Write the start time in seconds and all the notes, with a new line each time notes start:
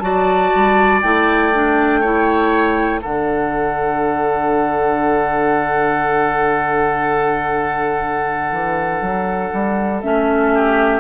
0.00 F#3 F#4 D5 A5
0.55 G3
1.02 A3 E4 G5
1.54 D4
2.01 E4 C#5
3.01 D3 D4 A4 F#5
8.52 E3
9.01 F#3
9.53 G3
10.03 A3 C#4 E5
10.54 G4